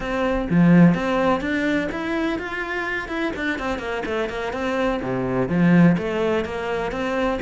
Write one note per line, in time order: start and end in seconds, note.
0.00 0.47 C4
0.49 0.94 F3
0.94 1.40 C4
1.40 1.88 D4
1.91 2.38 E4
2.38 3.08 F4
3.08 3.32 E4
3.36 3.58 D4
3.58 3.79 C4
3.79 4.02 A#3
4.05 4.29 A3
4.29 4.52 A#3
4.52 5.00 C4
5.02 5.48 C3
5.48 5.96 F3
5.97 6.44 A3
6.44 6.91 A#3
6.91 7.39 C4